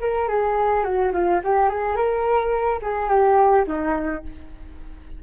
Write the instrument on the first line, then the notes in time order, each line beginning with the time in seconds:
flute
0.00 A#4
0.28 G#4
0.84 F#4
1.12 F4
1.43 G4
1.69 G#4
1.96 A#4
2.82 G#4
3.09 G4
3.67 D#4